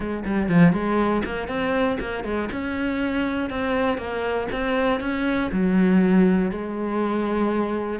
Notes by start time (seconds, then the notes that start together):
0.00 G#3
0.25 G3
0.48 F3
0.72 G#3
1.25 A#3
1.47 C4
2.00 A#3
2.24 G#3
2.52 C#4
3.50 C4
3.97 A#3
4.51 C4
5.00 C#4
5.51 F#3
6.51 G#3